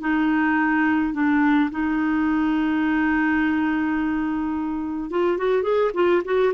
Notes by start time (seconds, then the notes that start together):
0.00 D#4
1.13 D4
1.70 D#4
5.10 F4
5.37 F#4
5.62 G#4
5.94 F4
6.24 F#4